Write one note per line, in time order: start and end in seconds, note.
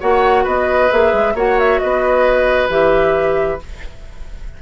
0.00 0.46 A#3
0.00 0.90 F#4
0.00 0.44 C#5
0.00 0.45 F#5
0.44 0.90 B3
0.44 1.33 B4
0.44 0.91 D#5
0.90 1.13 A#3
0.90 1.35 G#4
0.90 1.36 E5
1.13 1.35 G#3
1.35 1.79 A#3
1.35 2.69 F#4
1.35 1.81 C#5
1.35 1.59 F#5
1.59 1.79 E5
1.79 2.69 B3
1.79 3.62 B4
1.79 2.69 D#5
2.69 3.59 E3
2.69 3.59 G4
2.69 3.60 E5